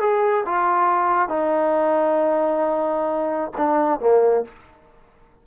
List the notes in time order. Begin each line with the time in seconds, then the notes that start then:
0.00 G#4
0.46 F4
1.29 D#4
3.57 D4
4.00 A#3